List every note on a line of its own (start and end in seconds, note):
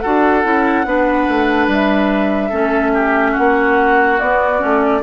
0.00 0.44 D4
0.00 0.43 F#4
0.00 0.86 A4
0.00 1.67 F#5
0.43 0.85 C#4
0.43 0.85 E4
0.85 1.27 B3
0.85 2.52 D4
0.85 2.49 B4
1.29 1.68 A3
1.68 2.51 G3
1.68 3.37 E5
2.49 3.36 A3
2.49 4.18 C#4
2.49 2.91 A4
2.94 3.32 G4
3.32 4.98 F#4
3.32 4.20 F#5
3.39 4.21 A#3
4.20 4.63 B3
4.20 4.59 B3
4.20 5.03 D5
4.59 5.03 A3
4.59 5.01 C#4